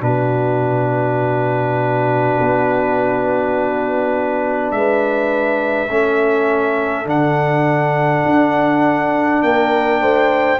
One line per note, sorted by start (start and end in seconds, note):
0.00 2.37 B2
0.00 5.88 D4
0.00 4.75 F#4
0.00 4.72 B4
2.40 4.72 B3
4.72 5.89 G#3
4.72 5.92 B4
4.72 7.07 E5
5.89 7.06 A3
5.89 7.05 C#4
5.89 9.44 A4
7.05 8.24 D3
7.05 10.58 D4
7.05 9.43 F#5
8.25 9.43 D4
9.43 10.01 A#3
9.43 10.01 A#4
9.43 10.60 G5
10.01 10.60 A3
10.01 10.60 C5